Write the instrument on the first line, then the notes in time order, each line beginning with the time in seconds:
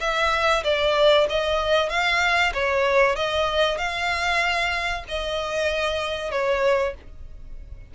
violin
0.00 E5
0.64 D5
1.29 D#5
1.89 F5
2.53 C#5
3.16 D#5
3.78 F5
5.08 D#5
6.31 C#5